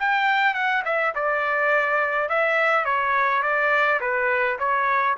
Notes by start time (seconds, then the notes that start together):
0.00 G5
0.55 F#5
0.85 E5
1.16 D5
2.29 E5
2.86 C#5
3.43 D5
4.01 B4
4.59 C#5